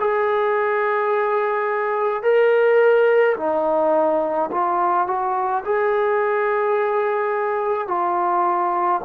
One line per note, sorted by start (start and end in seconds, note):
0.00 2.23 G#4
2.23 3.36 A#4
3.37 4.50 D#4
4.51 5.07 F4
5.07 5.64 F#4
5.65 7.88 G#4
7.88 9.01 F4